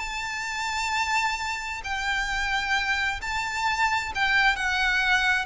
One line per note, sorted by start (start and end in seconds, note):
0.00 1.82 A5
1.84 3.21 G5
3.22 4.13 A5
4.15 4.56 G5
4.56 5.46 F#5